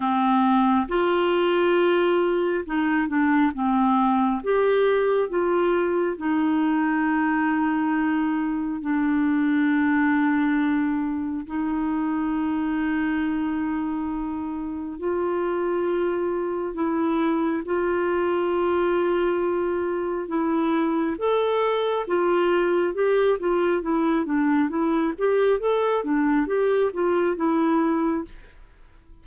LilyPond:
\new Staff \with { instrumentName = "clarinet" } { \time 4/4 \tempo 4 = 68 c'4 f'2 dis'8 d'8 | c'4 g'4 f'4 dis'4~ | dis'2 d'2~ | d'4 dis'2.~ |
dis'4 f'2 e'4 | f'2. e'4 | a'4 f'4 g'8 f'8 e'8 d'8 | e'8 g'8 a'8 d'8 g'8 f'8 e'4 | }